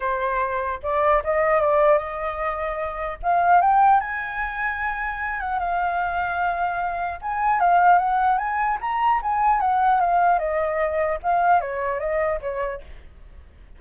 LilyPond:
\new Staff \with { instrumentName = "flute" } { \time 4/4 \tempo 4 = 150 c''2 d''4 dis''4 | d''4 dis''2. | f''4 g''4 gis''2~ | gis''4. fis''8 f''2~ |
f''2 gis''4 f''4 | fis''4 gis''4 ais''4 gis''4 | fis''4 f''4 dis''2 | f''4 cis''4 dis''4 cis''4 | }